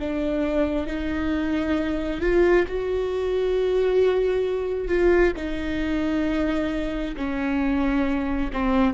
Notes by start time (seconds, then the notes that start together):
0.00 D4
0.87 D#4
2.21 F4
2.68 F#4
4.88 F4
5.37 D#4
7.16 C#4
8.53 C4